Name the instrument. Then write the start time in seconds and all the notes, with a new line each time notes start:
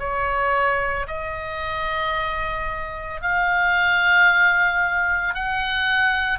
oboe
0.00 C#5
1.08 D#5
3.22 F5
5.35 F#5